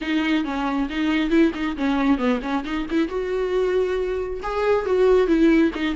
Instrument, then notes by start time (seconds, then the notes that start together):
viola
0.01 D#4
0.44 C#4
0.89 D#4
1.29 E4
1.54 D#4
1.76 C#4
2.17 B3
2.42 C#4
2.64 D#4
2.90 E4
3.08 F#4
4.42 G#4
4.85 F#4
5.27 E4
5.74 D#4